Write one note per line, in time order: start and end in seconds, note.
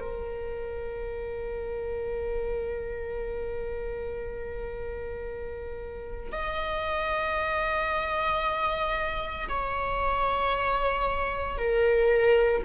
0.00 6.32 A#4
6.32 9.48 D#5
9.48 11.57 C#5
11.57 12.63 A#4